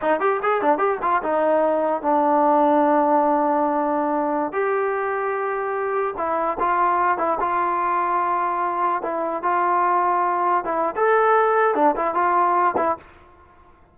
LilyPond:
\new Staff \with { instrumentName = "trombone" } { \time 4/4 \tempo 4 = 148 dis'8 g'8 gis'8 d'8 g'8 f'8 dis'4~ | dis'4 d'2.~ | d'2.~ d'16 g'8.~ | g'2.~ g'16 e'8.~ |
e'16 f'4. e'8 f'4.~ f'16~ | f'2~ f'16 e'4 f'8.~ | f'2~ f'16 e'8. a'4~ | a'4 d'8 e'8 f'4. e'8 | }